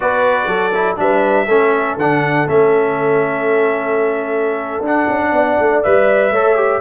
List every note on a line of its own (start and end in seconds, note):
0.00 0.46 B3
0.00 0.72 F#4
0.00 0.48 B4
0.00 0.96 D5
0.46 0.96 F#3
0.46 0.97 A4
0.74 0.96 E4
0.96 1.47 G3
0.96 1.46 D4
0.96 1.46 B4
0.96 1.98 E5
1.46 1.96 A3
1.46 1.99 C#4
1.46 5.30 A4
1.96 2.46 D3
1.96 2.47 D4
1.96 2.48 F#5
2.47 4.80 A3
2.47 4.83 C#4
2.47 4.84 E5
4.80 5.05 D4
4.80 5.84 D4
4.80 5.83 F#5
5.08 5.32 C#4
5.32 5.57 B3
5.32 6.32 D5
5.59 5.83 A3
5.83 6.31 G3
5.83 6.33 B4
5.83 6.81 E5
6.31 6.81 A3
6.31 6.55 A4
6.31 6.81 C#5
6.55 6.80 G4